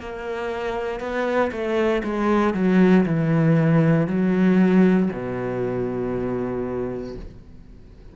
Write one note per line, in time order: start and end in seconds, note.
0.00 1.00 A#3
1.00 1.51 B3
1.52 2.02 A3
2.04 2.54 G#3
2.54 3.05 F#3
3.06 4.07 E3
4.08 5.09 F#3
5.13 7.16 B2